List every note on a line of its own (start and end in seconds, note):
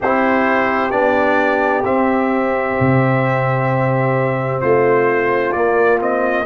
0.00 0.91 C4
0.00 0.90 E4
0.00 4.61 G4
0.00 0.91 C5
0.90 1.83 B3
0.90 1.83 D4
0.90 1.83 D5
1.84 2.76 C4
1.84 5.54 C4
1.84 4.61 E5
2.80 4.62 C3
4.61 5.54 A3
4.61 6.45 F4
4.61 5.52 C5
5.52 5.99 A#3
5.52 6.45 A#3
5.52 5.98 D5
5.99 6.45 C4
5.99 6.45 D#5